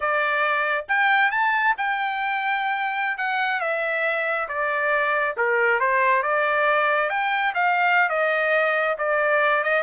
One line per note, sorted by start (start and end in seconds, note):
0.00 0.85 D5
0.88 1.31 G5
1.31 1.75 A5
1.77 3.17 G5
3.17 3.60 F#5
3.60 4.48 E5
4.48 5.36 D5
5.36 5.79 A#4
5.79 6.22 C5
6.22 7.09 D5
7.09 7.53 G5
7.54 8.09 F5
8.09 8.96 D#5
8.98 9.63 D5
9.63 9.82 D#5